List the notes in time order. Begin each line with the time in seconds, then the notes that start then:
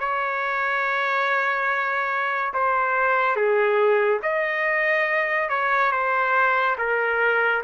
0.00 C#5
2.54 C5
3.36 G#4
4.23 D#5
5.49 C#5
5.92 C5
6.78 A#4